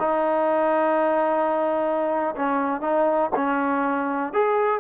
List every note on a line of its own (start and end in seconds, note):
0.00 2.36 D#4
2.36 2.82 C#4
2.82 3.31 D#4
3.36 4.33 C#4
4.33 4.81 G#4